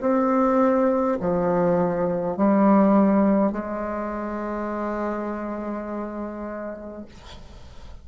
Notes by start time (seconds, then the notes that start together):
0.00 C4
1.20 F3
2.36 G3
3.52 G#3